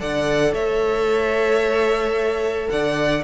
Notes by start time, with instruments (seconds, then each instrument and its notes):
0.00 cello D3, viola A4, violin D5 F#5
0.53 cello A3, violin C#5 E5
2.70 cello D3, violin D5 F#5